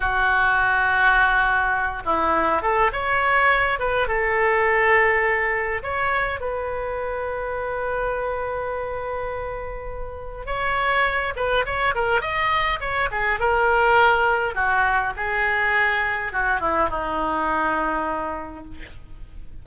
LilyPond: \new Staff \with { instrumentName = "oboe" } { \time 4/4 \tempo 4 = 103 fis'2.~ fis'8 e'8~ | e'8 a'8 cis''4. b'8 a'4~ | a'2 cis''4 b'4~ | b'1~ |
b'2 cis''4. b'8 | cis''8 ais'8 dis''4 cis''8 gis'8 ais'4~ | ais'4 fis'4 gis'2 | fis'8 e'8 dis'2. | }